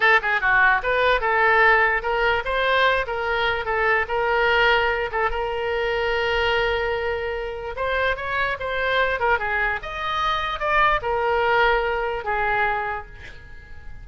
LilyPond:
\new Staff \with { instrumentName = "oboe" } { \time 4/4 \tempo 4 = 147 a'8 gis'8 fis'4 b'4 a'4~ | a'4 ais'4 c''4. ais'8~ | ais'4 a'4 ais'2~ | ais'8 a'8 ais'2.~ |
ais'2. c''4 | cis''4 c''4. ais'8 gis'4 | dis''2 d''4 ais'4~ | ais'2 gis'2 | }